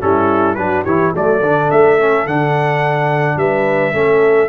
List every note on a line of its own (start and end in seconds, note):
0.00 0.56 G3
0.00 0.56 C#4
0.00 0.57 E4
0.00 0.55 A4
0.55 0.84 F#3
0.55 0.86 D4
0.55 0.84 F#4
0.55 0.83 B4
0.84 1.14 E3
0.84 1.14 E4
0.84 1.12 G4
0.84 1.12 C#5
1.12 1.42 F#3
1.12 1.42 A3
1.12 3.36 A4
1.12 1.70 D5
1.42 1.70 D3
1.42 1.99 D4
1.70 2.26 A3
1.70 2.27 E5
1.99 2.27 C#4
2.26 3.36 D3
2.26 3.93 D4
2.26 3.38 F#5
3.36 3.92 G3
3.36 3.94 B4
3.36 4.49 E5
3.93 4.49 A3
3.93 4.49 C#4
3.93 4.49 A4